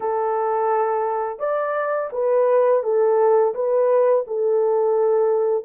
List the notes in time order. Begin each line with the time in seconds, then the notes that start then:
0.00 A4
1.39 D5
2.12 B4
2.83 A4
3.54 B4
4.27 A4